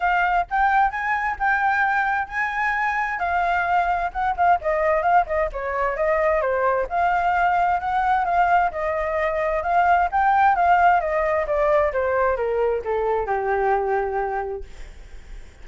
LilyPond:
\new Staff \with { instrumentName = "flute" } { \time 4/4 \tempo 4 = 131 f''4 g''4 gis''4 g''4~ | g''4 gis''2 f''4~ | f''4 fis''8 f''8 dis''4 f''8 dis''8 | cis''4 dis''4 c''4 f''4~ |
f''4 fis''4 f''4 dis''4~ | dis''4 f''4 g''4 f''4 | dis''4 d''4 c''4 ais'4 | a'4 g'2. | }